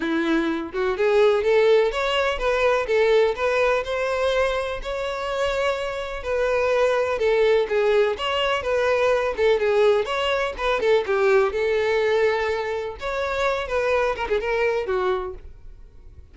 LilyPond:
\new Staff \with { instrumentName = "violin" } { \time 4/4 \tempo 4 = 125 e'4. fis'8 gis'4 a'4 | cis''4 b'4 a'4 b'4 | c''2 cis''2~ | cis''4 b'2 a'4 |
gis'4 cis''4 b'4. a'8 | gis'4 cis''4 b'8 a'8 g'4 | a'2. cis''4~ | cis''8 b'4 ais'16 gis'16 ais'4 fis'4 | }